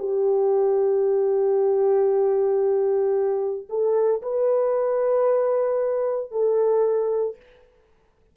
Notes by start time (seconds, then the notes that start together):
0.00 G4
3.69 A4
4.22 B4
6.32 A4